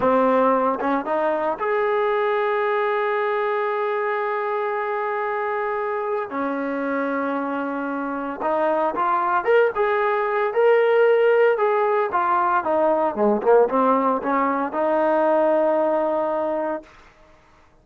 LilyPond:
\new Staff \with { instrumentName = "trombone" } { \time 4/4 \tempo 4 = 114 c'4. cis'8 dis'4 gis'4~ | gis'1~ | gis'1 | cis'1 |
dis'4 f'4 ais'8 gis'4. | ais'2 gis'4 f'4 | dis'4 gis8 ais8 c'4 cis'4 | dis'1 | }